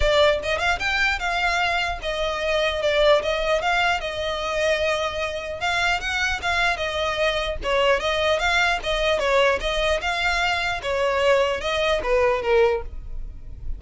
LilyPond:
\new Staff \with { instrumentName = "violin" } { \time 4/4 \tempo 4 = 150 d''4 dis''8 f''8 g''4 f''4~ | f''4 dis''2 d''4 | dis''4 f''4 dis''2~ | dis''2 f''4 fis''4 |
f''4 dis''2 cis''4 | dis''4 f''4 dis''4 cis''4 | dis''4 f''2 cis''4~ | cis''4 dis''4 b'4 ais'4 | }